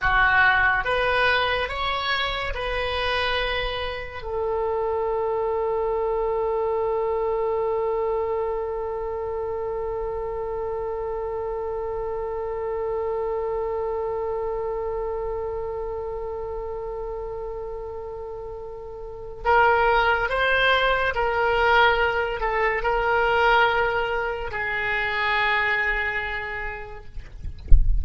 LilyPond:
\new Staff \with { instrumentName = "oboe" } { \time 4/4 \tempo 4 = 71 fis'4 b'4 cis''4 b'4~ | b'4 a'2.~ | a'1~ | a'1~ |
a'1~ | a'2. ais'4 | c''4 ais'4. a'8 ais'4~ | ais'4 gis'2. | }